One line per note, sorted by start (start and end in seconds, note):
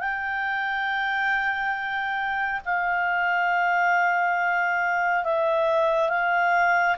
0.00 2.61 G5
2.65 5.25 F5
5.25 6.09 E5
6.09 6.96 F5